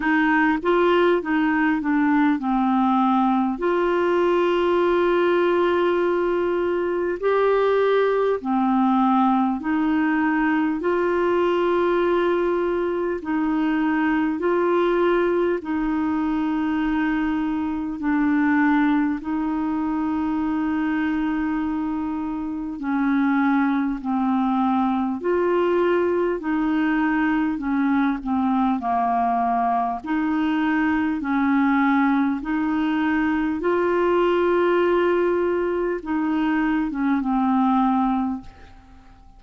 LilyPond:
\new Staff \with { instrumentName = "clarinet" } { \time 4/4 \tempo 4 = 50 dis'8 f'8 dis'8 d'8 c'4 f'4~ | f'2 g'4 c'4 | dis'4 f'2 dis'4 | f'4 dis'2 d'4 |
dis'2. cis'4 | c'4 f'4 dis'4 cis'8 c'8 | ais4 dis'4 cis'4 dis'4 | f'2 dis'8. cis'16 c'4 | }